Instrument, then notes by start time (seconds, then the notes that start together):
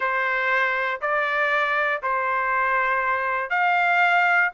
trumpet
0.00 C5
1.01 D5
2.02 C5
3.50 F5